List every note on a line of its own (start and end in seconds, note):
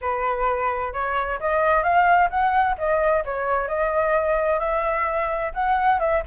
0.01 0.93 B4
0.93 1.39 C#5
1.40 1.83 D#5
1.83 2.29 F5
2.30 2.76 F#5
2.78 3.24 D#5
3.24 3.68 C#5
3.68 4.59 D#5
4.59 5.52 E5
5.54 5.99 F#5
5.99 6.22 E5